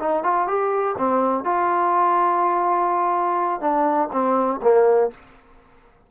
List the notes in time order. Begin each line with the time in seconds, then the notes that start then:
0.00 D#4
0.24 F4
0.48 G4
0.98 C4
1.45 F4
3.61 D4
4.13 C4
4.63 A#3